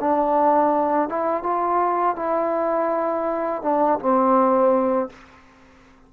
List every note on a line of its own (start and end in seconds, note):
0.00 1.09 D4
1.09 1.44 E4
1.44 2.16 F4
2.16 3.63 E4
3.63 3.99 D4
4.00 5.10 C4